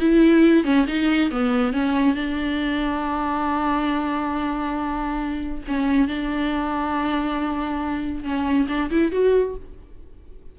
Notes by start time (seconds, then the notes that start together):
0.00 E4
0.65 C#4
0.88 D#4
1.31 B3
1.73 C#4
2.16 D4
5.68 C#4
6.08 D4
8.24 C#4
8.69 D4
8.91 E4
9.12 F#4